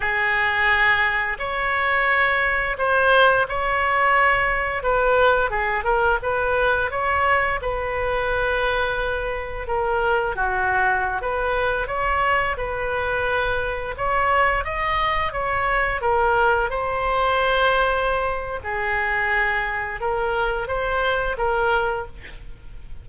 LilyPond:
\new Staff \with { instrumentName = "oboe" } { \time 4/4 \tempo 4 = 87 gis'2 cis''2 | c''4 cis''2 b'4 | gis'8 ais'8 b'4 cis''4 b'4~ | b'2 ais'4 fis'4~ |
fis'16 b'4 cis''4 b'4.~ b'16~ | b'16 cis''4 dis''4 cis''4 ais'8.~ | ais'16 c''2~ c''8. gis'4~ | gis'4 ais'4 c''4 ais'4 | }